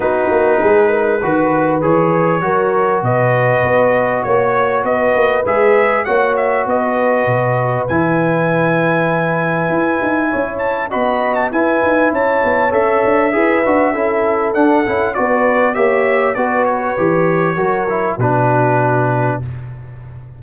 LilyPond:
<<
  \new Staff \with { instrumentName = "trumpet" } { \time 4/4 \tempo 4 = 99 b'2. cis''4~ | cis''4 dis''2 cis''4 | dis''4 e''4 fis''8 e''8 dis''4~ | dis''4 gis''2.~ |
gis''4. a''8 b''8. a''16 gis''4 | a''4 e''2. | fis''4 d''4 e''4 d''8 cis''8~ | cis''2 b'2 | }
  \new Staff \with { instrumentName = "horn" } { \time 4/4 fis'4 gis'8 ais'8 b'2 | ais'4 b'2 cis''4 | b'2 cis''4 b'4~ | b'1~ |
b'4 cis''4 dis''4 b'4 | cis''2 b'4 a'4~ | a'4 b'4 cis''4 b'4~ | b'4 ais'4 fis'2 | }
  \new Staff \with { instrumentName = "trombone" } { \time 4/4 dis'2 fis'4 gis'4 | fis'1~ | fis'4 gis'4 fis'2~ | fis'4 e'2.~ |
e'2 fis'4 e'4~ | e'4 a'4 gis'8 fis'8 e'4 | d'8 e'8 fis'4 g'4 fis'4 | g'4 fis'8 e'8 d'2 | }
  \new Staff \with { instrumentName = "tuba" } { \time 4/4 b8 ais8 gis4 dis4 e4 | fis4 b,4 b4 ais4 | b8 ais8 gis4 ais4 b4 | b,4 e2. |
e'8 dis'8 cis'4 b4 e'8 dis'8 | cis'8 b8 cis'8 d'8 e'8 d'8 cis'4 | d'8 cis'8 b4 ais4 b4 | e4 fis4 b,2 | }
>>